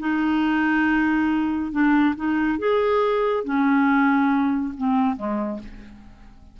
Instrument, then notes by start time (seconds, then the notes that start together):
clarinet
0.00 D#4
1.72 D4
2.16 D#4
2.59 G#4
3.45 C#4
4.78 C4
5.17 G#3